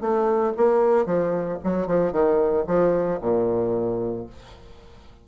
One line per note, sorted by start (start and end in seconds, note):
0.00 0.53 A3
0.56 1.05 A#3
1.05 1.58 F3
1.63 1.86 F#3
1.86 2.12 F3
2.12 2.64 D#3
2.67 3.19 F3
3.21 4.26 A#2